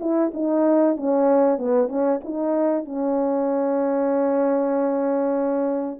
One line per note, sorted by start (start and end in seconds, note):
0.00 0.32 E4
0.34 0.96 D#4
0.96 1.58 C#4
1.58 1.88 B3
1.88 2.20 C#4
2.24 2.85 D#4
2.85 6.00 C#4